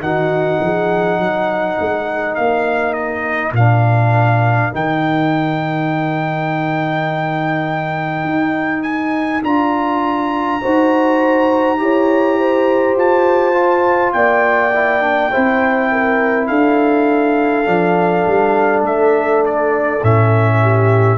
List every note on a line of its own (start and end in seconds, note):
0.00 0.59 D#3
0.00 3.55 D#4
0.00 0.62 F#4
0.00 2.36 F#5
0.62 1.19 F3
0.62 1.21 G#4
1.19 1.78 F#3
1.19 10.62 A#4
1.81 2.39 G#3
2.36 3.53 A#3
2.36 2.94 F5
2.94 3.52 D#5
3.53 4.70 A#2
3.53 4.72 D4
3.53 4.74 F5
4.72 8.25 D#3
4.72 9.43 D#4
4.72 8.83 G5
8.25 9.42 D#4
8.83 9.42 G#5
9.44 10.62 D4
9.44 10.62 F4
9.44 12.97 A#5
10.62 11.80 D#4
10.62 11.79 F#4
10.62 11.80 C5
11.79 12.96 E4
11.79 13.54 G4
11.79 12.39 C#5
12.39 14.16 C5
12.96 14.14 F4
12.96 14.13 A5
13.54 14.72 F4
14.13 15.32 A#3
14.13 15.32 D5
14.13 16.48 G5
14.75 15.01 E4
15.01 15.30 D4
15.32 16.50 C4
15.32 17.65 E4
15.32 15.90 C5
15.92 16.49 A#4
16.48 17.67 D4
16.48 20.61 A4
16.48 18.83 F5
17.65 18.26 F3
17.65 20.00 D4
18.27 18.82 G3
18.82 20.00 A3
18.82 19.45 E5
19.46 20.04 D5
20.03 21.19 A2
20.03 21.19 C#4
20.03 21.19 E5
20.62 21.19 G4